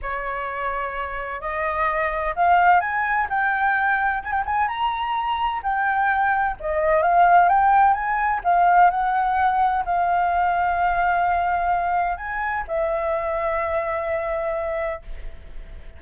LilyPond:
\new Staff \with { instrumentName = "flute" } { \time 4/4 \tempo 4 = 128 cis''2. dis''4~ | dis''4 f''4 gis''4 g''4~ | g''4 gis''16 g''16 gis''8 ais''2 | g''2 dis''4 f''4 |
g''4 gis''4 f''4 fis''4~ | fis''4 f''2.~ | f''2 gis''4 e''4~ | e''1 | }